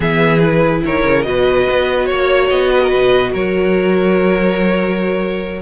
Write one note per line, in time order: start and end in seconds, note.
0.00 0.83 E3
0.00 0.41 B3
0.00 0.83 G#4
0.00 0.39 E5
0.39 1.24 E4
0.39 0.81 B4
0.85 1.04 D#3
0.85 1.26 A#4
0.85 1.22 C#5
1.04 1.25 C#3
1.22 1.67 B2
1.22 5.61 F#4
1.22 2.08 B4
1.22 2.05 D#5
1.69 2.10 B3
2.05 2.51 A#3
2.05 2.47 C#5
2.05 2.70 C#5
2.49 2.92 B3
2.49 3.33 D#5
2.70 2.81 B4
2.83 2.89 A#4
2.89 3.34 B2
2.89 3.30 B4
3.32 5.62 F#3
3.32 5.61 A#4
3.32 5.62 C#5